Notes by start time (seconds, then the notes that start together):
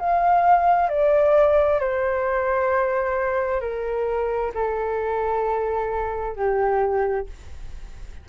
0.00 F5
0.90 D5
1.80 C5
3.61 A#4
4.55 A4
6.36 G4